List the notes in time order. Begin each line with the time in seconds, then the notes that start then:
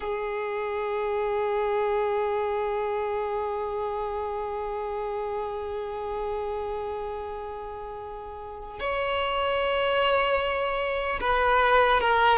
0.00 G#4
8.79 C#5
11.20 B4
12.00 A#4